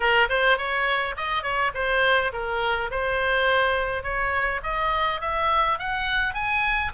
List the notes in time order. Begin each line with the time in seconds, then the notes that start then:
0.00 A#4
0.29 C5
0.57 C#5
1.16 D#5
1.42 C#5
1.74 C5
2.32 A#4
2.90 C5
4.03 C#5
4.63 D#5
5.21 E5
5.78 F#5
6.34 G#5